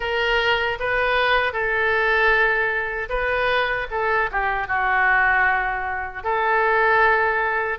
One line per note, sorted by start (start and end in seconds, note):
0.00 0.78 A#4
0.79 1.53 B4
1.53 3.09 A4
3.09 3.87 B4
3.91 4.30 A4
4.31 4.68 G4
4.68 6.23 F#4
6.23 7.79 A4